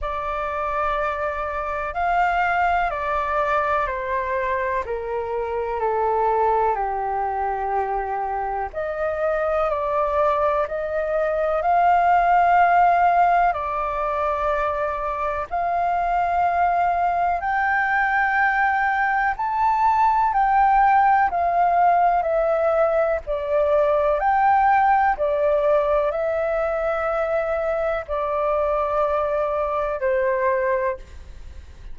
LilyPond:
\new Staff \with { instrumentName = "flute" } { \time 4/4 \tempo 4 = 62 d''2 f''4 d''4 | c''4 ais'4 a'4 g'4~ | g'4 dis''4 d''4 dis''4 | f''2 d''2 |
f''2 g''2 | a''4 g''4 f''4 e''4 | d''4 g''4 d''4 e''4~ | e''4 d''2 c''4 | }